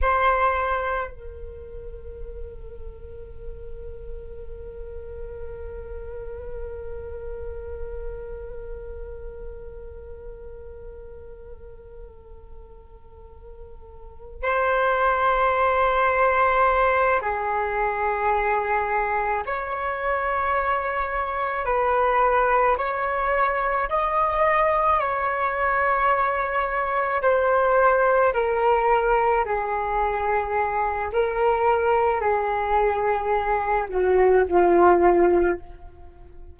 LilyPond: \new Staff \with { instrumentName = "flute" } { \time 4/4 \tempo 4 = 54 c''4 ais'2.~ | ais'1~ | ais'1~ | ais'4 c''2~ c''8 gis'8~ |
gis'4. cis''2 b'8~ | b'8 cis''4 dis''4 cis''4.~ | cis''8 c''4 ais'4 gis'4. | ais'4 gis'4. fis'8 f'4 | }